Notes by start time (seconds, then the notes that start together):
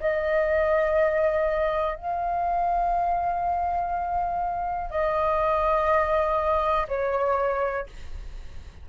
0.00 D#5
1.96 F5
4.90 D#5
6.88 C#5